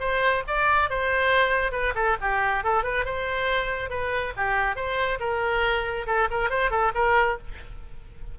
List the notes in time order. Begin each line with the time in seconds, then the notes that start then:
0.00 C5
0.47 D5
0.90 C5
1.72 B4
1.95 A4
2.21 G4
2.64 A4
2.84 B4
3.05 C5
3.90 B4
4.37 G4
4.76 C5
5.20 A#4
6.07 A4
6.31 A#4
6.50 C5
6.71 A4
6.95 A#4